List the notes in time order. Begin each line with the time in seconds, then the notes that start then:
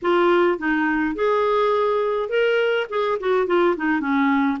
0.02 F4
0.58 D#4
1.15 G#4
2.29 A#4
2.89 G#4
3.19 F#4
3.46 F4
3.77 D#4
4.00 C#4